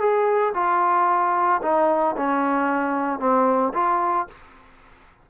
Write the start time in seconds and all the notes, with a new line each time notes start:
0.00 G#4
0.54 F4
1.62 D#4
2.17 C#4
3.19 C4
3.74 F4